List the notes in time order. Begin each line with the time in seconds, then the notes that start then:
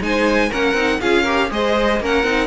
0.00 G#3 D#4 C5 G#5
0.49 A#3 C#4 A#4 F#5
0.73 C4 D#4
1.00 C#4 F4 G#4 F5
1.23 G4 A#4
1.49 G#3 G#4 C5 D#5
2.00 A#3 C#4 A#4 F#5
2.23 C4 D#4